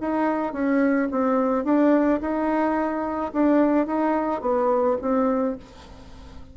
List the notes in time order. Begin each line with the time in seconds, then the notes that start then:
0.00 D#4
0.53 C#4
1.11 C4
1.64 D4
2.20 D#4
3.32 D4
3.86 D#4
4.41 B3
5.01 C4